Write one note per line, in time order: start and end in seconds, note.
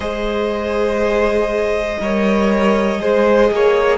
0.00 1.97 G#3
0.00 1.97 G#4
0.00 1.99 C5
0.00 3.97 D#5
2.00 3.00 G3
2.00 3.00 A#4
2.00 3.01 C#5
3.00 3.51 G#3
3.00 3.97 G#4
3.00 3.51 C5
3.51 3.97 A#3
3.51 3.97 C#5